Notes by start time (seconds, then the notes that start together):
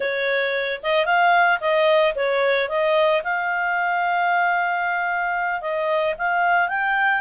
0.00 C#5
0.82 D#5
1.05 F5
1.60 D#5
2.15 C#5
2.68 D#5
3.23 F5
5.61 D#5
6.18 F5
6.68 G5